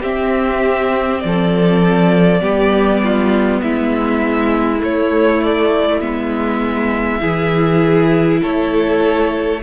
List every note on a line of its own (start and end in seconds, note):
0.00 2.40 C4
0.00 1.22 C4
0.00 1.20 G4
0.00 1.20 E5
1.20 2.40 F3
1.20 3.60 D5
1.26 2.41 A4
2.40 3.60 G3
2.40 4.79 B3
2.40 3.01 G4
3.03 3.62 F4
3.61 4.82 G#3
3.61 7.20 E4
3.61 4.81 E5
4.79 5.99 A3
4.79 6.01 A3
4.79 5.43 C#5
5.43 6.00 D5
6.00 7.21 G#3
6.00 7.19 B3
6.00 8.40 E5
7.19 8.42 E3
7.19 9.59 E4
7.19 8.40 G#4
8.41 9.62 A3
8.41 9.61 A4
8.41 9.62 C#5